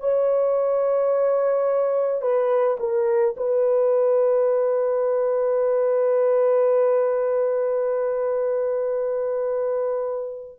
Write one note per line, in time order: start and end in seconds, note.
0.00 2.22 C#5
2.22 2.77 B4
2.80 3.35 A#4
3.37 10.59 B4